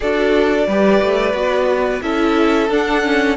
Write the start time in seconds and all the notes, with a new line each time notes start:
0.00 D4 F#4 A4 D5
0.67 G3 G4 B4
1.02 A3
1.33 B3 F#4
2.02 C#4 E4 A4 E5
2.69 D4 F#5
3.03 C#4